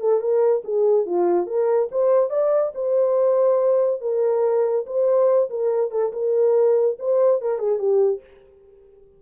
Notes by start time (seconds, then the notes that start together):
0.00 A4
0.20 A#4
0.64 G#4
1.05 F4
1.46 A#4
1.91 C5
2.30 D5
2.74 C5
4.01 A#4
4.86 C5
5.49 A#4
5.91 A4
6.12 A#4
6.99 C5
7.41 A#4
7.58 G#4
7.78 G4